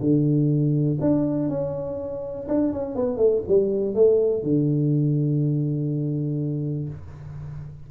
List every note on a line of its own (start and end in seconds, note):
0.00 0.98 D3
1.00 1.49 D4
1.49 2.47 C#4
2.48 2.73 D4
2.73 2.96 C#4
2.96 3.17 B3
3.17 3.42 A3
3.48 3.95 G3
3.95 4.43 A3
4.43 6.89 D3